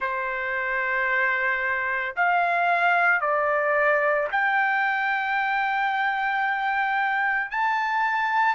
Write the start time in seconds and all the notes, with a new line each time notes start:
0.00 C5
2.16 F5
3.20 D5
4.31 G5
7.50 A5